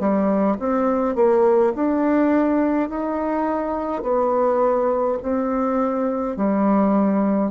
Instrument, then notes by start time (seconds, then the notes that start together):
bassoon
0.00 G3
0.60 C4
1.15 A#3
1.75 D4
2.90 D#4
4.03 B3
5.23 C4
6.37 G3